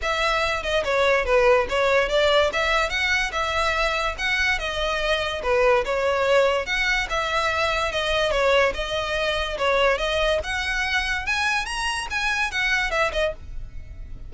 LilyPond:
\new Staff \with { instrumentName = "violin" } { \time 4/4 \tempo 4 = 144 e''4. dis''8 cis''4 b'4 | cis''4 d''4 e''4 fis''4 | e''2 fis''4 dis''4~ | dis''4 b'4 cis''2 |
fis''4 e''2 dis''4 | cis''4 dis''2 cis''4 | dis''4 fis''2 gis''4 | ais''4 gis''4 fis''4 e''8 dis''8 | }